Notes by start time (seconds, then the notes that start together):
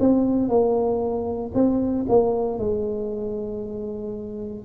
0.00 C4
0.48 A#3
1.54 C4
2.09 A#3
2.59 G#3